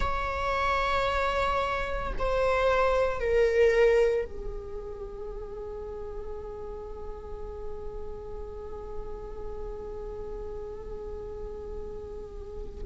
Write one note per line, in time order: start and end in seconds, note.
0.00 2.13 C#5
2.18 3.19 C5
3.19 4.25 A#4
4.25 12.82 G#4